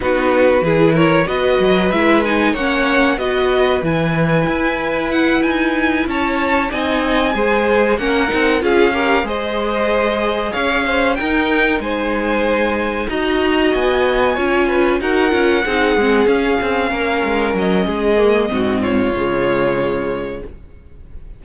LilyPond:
<<
  \new Staff \with { instrumentName = "violin" } { \time 4/4 \tempo 4 = 94 b'4. cis''8 dis''4 e''8 gis''8 | fis''4 dis''4 gis''2 | fis''8 gis''4 a''4 gis''4.~ | gis''8 fis''4 f''4 dis''4.~ |
dis''8 f''4 g''4 gis''4.~ | gis''8 ais''4 gis''2 fis''8~ | fis''4. f''2 dis''8~ | dis''4. cis''2~ cis''8 | }
  \new Staff \with { instrumentName = "violin" } { \time 4/4 fis'4 gis'8 ais'8 b'2 | cis''4 b'2.~ | b'4. cis''4 dis''4 c''8~ | c''8 ais'4 gis'8 ais'8 c''4.~ |
c''8 cis''8 c''8 ais'4 c''4.~ | c''8 dis''2 cis''8 b'8 ais'8~ | ais'8 gis'2 ais'4. | gis'4 fis'8 f'2~ f'8 | }
  \new Staff \with { instrumentName = "viola" } { \time 4/4 dis'4 e'4 fis'4 e'8 dis'8 | cis'4 fis'4 e'2~ | e'2~ e'8 dis'4 gis'8~ | gis'8 cis'8 dis'8 f'8 g'8 gis'4.~ |
gis'4. dis'2~ dis'8~ | dis'8 fis'2 f'4 fis'8 | f'8 dis'8 c'8 cis'2~ cis'8~ | cis'8 ais8 c'4 gis2 | }
  \new Staff \with { instrumentName = "cello" } { \time 4/4 b4 e4 b8 fis8 gis4 | ais4 b4 e4 e'4~ | e'8 dis'4 cis'4 c'4 gis8~ | gis8 ais8 c'8 cis'4 gis4.~ |
gis8 cis'4 dis'4 gis4.~ | gis8 dis'4 b4 cis'4 dis'8 | cis'8 c'8 gis8 cis'8 c'8 ais8 gis8 fis8 | gis4 gis,4 cis2 | }
>>